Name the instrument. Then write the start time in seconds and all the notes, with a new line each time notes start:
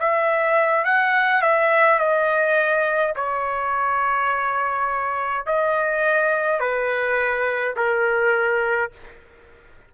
trumpet
0.00 E5
0.85 F#5
1.42 E5
1.99 D#5
3.16 C#5
5.47 D#5
6.60 B4
7.77 A#4